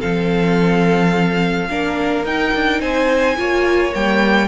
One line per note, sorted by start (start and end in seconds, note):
0.00 1.70 F3
0.00 1.68 C4
0.00 1.69 A4
0.00 2.25 F5
1.70 2.24 A#3
1.70 2.26 D4
1.70 2.81 A#4
2.24 2.52 D#4
2.24 3.37 D#4
2.24 2.82 G5
2.54 2.81 D4
2.81 3.37 C4
2.81 3.37 C5
2.81 3.94 G#5
3.37 3.94 A#3
3.37 3.93 F4
3.37 4.48 C#5
3.93 4.48 G3
3.93 4.48 A#3
3.93 4.48 G5